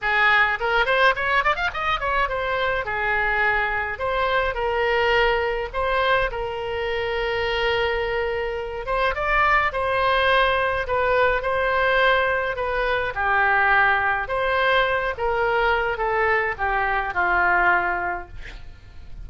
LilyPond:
\new Staff \with { instrumentName = "oboe" } { \time 4/4 \tempo 4 = 105 gis'4 ais'8 c''8 cis''8 d''16 f''16 dis''8 cis''8 | c''4 gis'2 c''4 | ais'2 c''4 ais'4~ | ais'2.~ ais'8 c''8 |
d''4 c''2 b'4 | c''2 b'4 g'4~ | g'4 c''4. ais'4. | a'4 g'4 f'2 | }